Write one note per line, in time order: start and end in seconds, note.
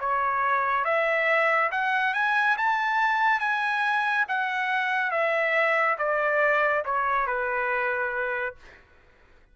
0.00 0.85 C#5
0.85 1.70 E5
1.71 2.14 F#5
2.14 2.57 G#5
2.58 3.40 A5
3.40 4.25 G#5
4.28 5.11 F#5
5.11 5.97 E5
5.98 6.84 D5
6.85 7.27 C#5
7.27 8.56 B4